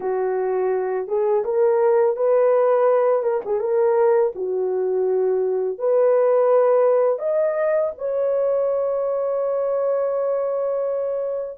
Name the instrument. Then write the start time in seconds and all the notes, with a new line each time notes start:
horn
0.00 F#4
1.07 G#4
1.44 A#4
2.16 B4
3.22 A#4
3.45 G#4
3.60 A#4
4.35 F#4
5.78 B4
7.19 D#5
7.97 C#5